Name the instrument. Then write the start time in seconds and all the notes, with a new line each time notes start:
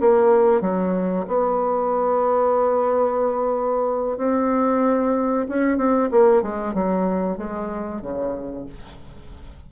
bassoon
0.00 A#3
0.61 F#3
1.27 B3
4.17 C4
5.48 C#4
5.77 C4
6.11 A#3
6.42 G#3
6.74 F#3
7.37 G#3
8.01 C#3